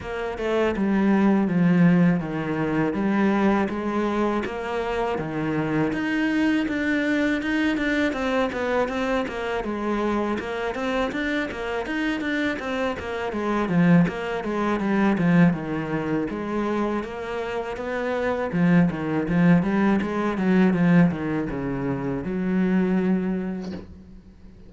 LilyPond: \new Staff \with { instrumentName = "cello" } { \time 4/4 \tempo 4 = 81 ais8 a8 g4 f4 dis4 | g4 gis4 ais4 dis4 | dis'4 d'4 dis'8 d'8 c'8 b8 | c'8 ais8 gis4 ais8 c'8 d'8 ais8 |
dis'8 d'8 c'8 ais8 gis8 f8 ais8 gis8 | g8 f8 dis4 gis4 ais4 | b4 f8 dis8 f8 g8 gis8 fis8 | f8 dis8 cis4 fis2 | }